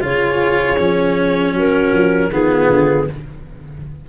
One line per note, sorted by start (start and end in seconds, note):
0.00 0.78 C#3
0.00 0.76 F4
0.00 1.55 G#4
0.00 1.56 C#5
0.78 1.53 F3
0.78 2.29 C#4
1.53 1.91 F#3
1.53 2.31 F#4
1.53 2.32 A#4
1.92 2.30 F3
2.30 2.68 D#3
2.30 3.08 B3
2.30 3.09 F4
2.30 3.08 G#4
2.69 3.07 D3